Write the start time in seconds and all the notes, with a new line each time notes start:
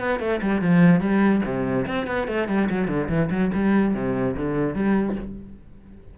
0.00 B3
0.20 A3
0.42 G3
0.62 F3
1.01 G3
1.46 C3
1.87 C4
2.07 B3
2.28 A3
2.48 G3
2.70 F#3
2.88 D3
3.09 E3
3.31 F#3
3.54 G3
3.95 C3
4.36 D3
4.75 G3